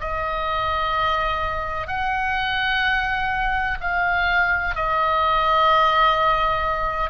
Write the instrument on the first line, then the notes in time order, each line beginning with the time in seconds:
oboe
0.00 D#5
1.87 F#5
3.80 F5
4.75 D#5